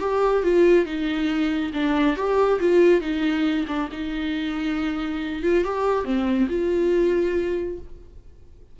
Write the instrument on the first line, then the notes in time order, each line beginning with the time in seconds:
viola
0.00 G4
0.43 F4
0.86 D#4
1.73 D4
2.17 G4
2.60 F4
3.01 D#4
3.68 D4
3.92 D#4
5.43 F4
5.64 G4
6.05 C4
6.49 F4